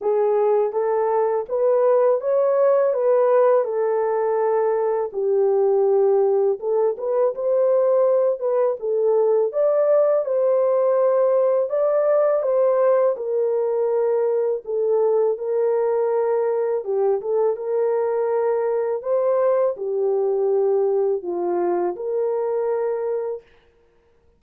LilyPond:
\new Staff \with { instrumentName = "horn" } { \time 4/4 \tempo 4 = 82 gis'4 a'4 b'4 cis''4 | b'4 a'2 g'4~ | g'4 a'8 b'8 c''4. b'8 | a'4 d''4 c''2 |
d''4 c''4 ais'2 | a'4 ais'2 g'8 a'8 | ais'2 c''4 g'4~ | g'4 f'4 ais'2 | }